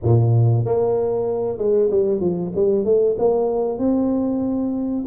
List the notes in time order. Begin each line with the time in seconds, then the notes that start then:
0.03 A#2
0.65 A#3
1.58 G#3
1.90 G3
2.20 F3
2.55 G3
2.84 A3
3.18 A#3
3.78 C4